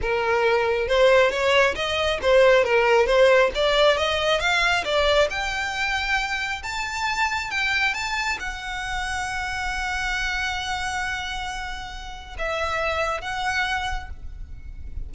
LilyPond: \new Staff \with { instrumentName = "violin" } { \time 4/4 \tempo 4 = 136 ais'2 c''4 cis''4 | dis''4 c''4 ais'4 c''4 | d''4 dis''4 f''4 d''4 | g''2. a''4~ |
a''4 g''4 a''4 fis''4~ | fis''1~ | fis''1 | e''2 fis''2 | }